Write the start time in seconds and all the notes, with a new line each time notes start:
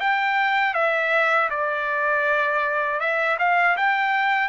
0.00 G5
0.74 E5
1.50 D5
3.00 E5
3.39 F5
3.77 G5